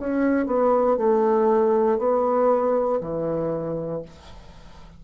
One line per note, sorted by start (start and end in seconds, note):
0.00 0.46 C#4
0.46 0.97 B3
0.97 1.98 A3
1.98 3.00 B3
3.00 4.02 E3